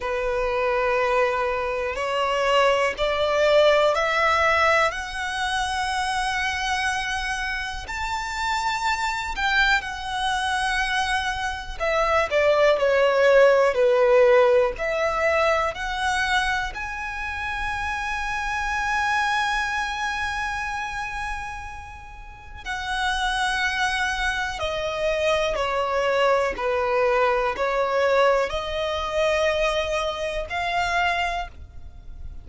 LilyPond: \new Staff \with { instrumentName = "violin" } { \time 4/4 \tempo 4 = 61 b'2 cis''4 d''4 | e''4 fis''2. | a''4. g''8 fis''2 | e''8 d''8 cis''4 b'4 e''4 |
fis''4 gis''2.~ | gis''2. fis''4~ | fis''4 dis''4 cis''4 b'4 | cis''4 dis''2 f''4 | }